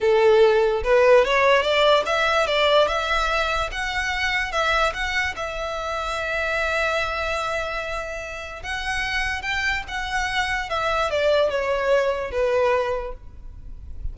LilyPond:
\new Staff \with { instrumentName = "violin" } { \time 4/4 \tempo 4 = 146 a'2 b'4 cis''4 | d''4 e''4 d''4 e''4~ | e''4 fis''2 e''4 | fis''4 e''2.~ |
e''1~ | e''4 fis''2 g''4 | fis''2 e''4 d''4 | cis''2 b'2 | }